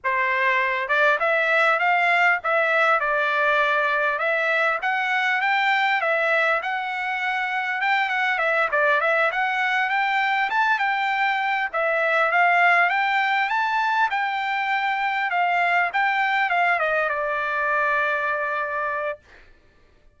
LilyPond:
\new Staff \with { instrumentName = "trumpet" } { \time 4/4 \tempo 4 = 100 c''4. d''8 e''4 f''4 | e''4 d''2 e''4 | fis''4 g''4 e''4 fis''4~ | fis''4 g''8 fis''8 e''8 d''8 e''8 fis''8~ |
fis''8 g''4 a''8 g''4. e''8~ | e''8 f''4 g''4 a''4 g''8~ | g''4. f''4 g''4 f''8 | dis''8 d''2.~ d''8 | }